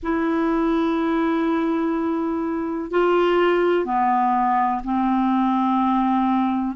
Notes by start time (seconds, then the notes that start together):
0.02 E4
2.90 F4
3.84 B3
4.84 C4